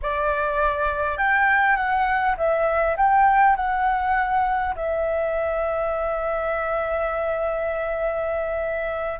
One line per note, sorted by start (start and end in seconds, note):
0.01 1.17 D5
1.17 1.76 G5
1.76 2.35 F#5
2.37 2.96 E5
2.96 3.56 G5
3.56 4.74 F#5
4.75 9.19 E5